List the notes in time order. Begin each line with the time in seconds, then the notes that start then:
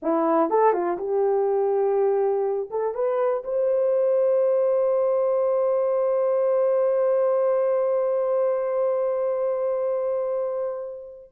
0.02 E4
0.50 A4
0.72 F4
0.97 G4
2.70 A4
2.94 B4
3.44 C5